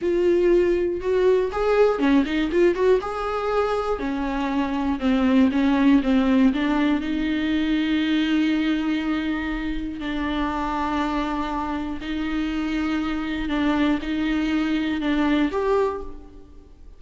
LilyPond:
\new Staff \with { instrumentName = "viola" } { \time 4/4 \tempo 4 = 120 f'2 fis'4 gis'4 | cis'8 dis'8 f'8 fis'8 gis'2 | cis'2 c'4 cis'4 | c'4 d'4 dis'2~ |
dis'1 | d'1 | dis'2. d'4 | dis'2 d'4 g'4 | }